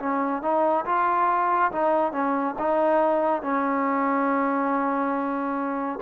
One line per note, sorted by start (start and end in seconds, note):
0.00 0.43 C#4
0.43 0.86 D#4
0.86 1.72 F4
1.72 2.13 D#4
2.13 2.56 C#4
2.59 3.42 D#4
3.42 6.00 C#4